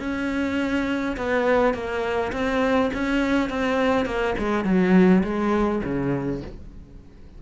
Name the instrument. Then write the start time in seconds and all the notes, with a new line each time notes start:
cello
0.00 C#4
1.17 B3
1.74 A#3
2.33 C4
2.94 C#4
3.50 C4
4.06 A#3
4.39 G#3
4.65 F#3
5.24 G#3
5.84 C#3